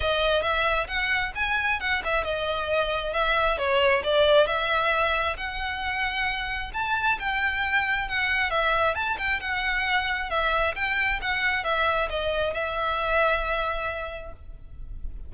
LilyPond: \new Staff \with { instrumentName = "violin" } { \time 4/4 \tempo 4 = 134 dis''4 e''4 fis''4 gis''4 | fis''8 e''8 dis''2 e''4 | cis''4 d''4 e''2 | fis''2. a''4 |
g''2 fis''4 e''4 | a''8 g''8 fis''2 e''4 | g''4 fis''4 e''4 dis''4 | e''1 | }